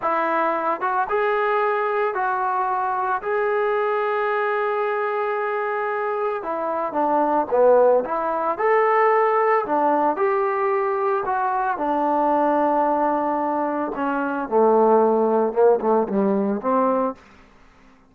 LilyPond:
\new Staff \with { instrumentName = "trombone" } { \time 4/4 \tempo 4 = 112 e'4. fis'8 gis'2 | fis'2 gis'2~ | gis'1 | e'4 d'4 b4 e'4 |
a'2 d'4 g'4~ | g'4 fis'4 d'2~ | d'2 cis'4 a4~ | a4 ais8 a8 g4 c'4 | }